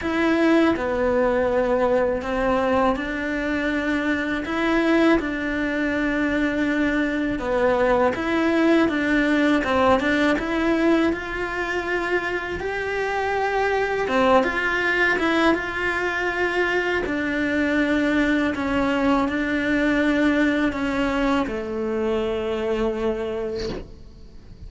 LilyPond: \new Staff \with { instrumentName = "cello" } { \time 4/4 \tempo 4 = 81 e'4 b2 c'4 | d'2 e'4 d'4~ | d'2 b4 e'4 | d'4 c'8 d'8 e'4 f'4~ |
f'4 g'2 c'8 f'8~ | f'8 e'8 f'2 d'4~ | d'4 cis'4 d'2 | cis'4 a2. | }